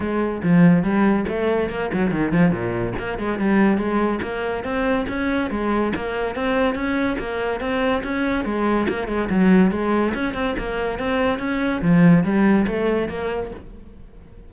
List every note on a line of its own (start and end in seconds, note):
0.00 0.41 G#3
0.42 0.83 F3
0.83 1.25 G3
1.28 1.69 A3
1.69 1.90 A#3
1.93 2.11 F#3
2.11 2.32 D#3
2.32 2.51 F3
2.51 2.93 A#2
2.98 3.18 A#3
3.18 3.38 G#3
3.38 3.77 G3
3.77 4.19 G#3
4.22 4.63 A#3
4.63 5.06 C4
5.08 5.50 C#4
5.50 5.93 G#3
5.95 6.35 A#3
6.35 6.74 C4
6.74 7.16 C#4
7.18 7.60 A#3
7.60 8.02 C4
8.03 8.44 C#4
8.44 8.87 G#3
8.88 9.07 A#3
9.07 9.28 G#3
9.29 9.71 F#3
9.71 10.13 G#3
10.14 10.34 C#4
10.34 10.55 C4
10.58 10.99 A#3
10.99 11.39 C4
11.39 11.81 C#4
11.81 12.23 F3
12.23 12.66 G3
12.67 13.08 A3
13.08 13.50 A#3